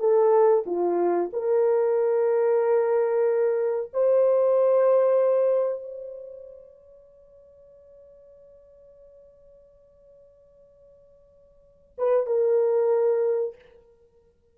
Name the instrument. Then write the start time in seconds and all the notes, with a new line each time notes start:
horn
0.00 A4
0.66 F4
1.33 A#4
3.93 C5
5.83 C#5
11.99 B4
12.26 A#4